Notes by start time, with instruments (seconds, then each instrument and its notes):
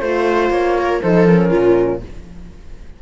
0.00 cello A3, horn F4, flute C5, viola C5
0.50 cello A#3, flute C#5
0.79 viola A#4
1.01 cello F3, horn D#4, viola A4, flute C5
1.25 horn C#4, flute A#4
1.49 cello A#2, viola F4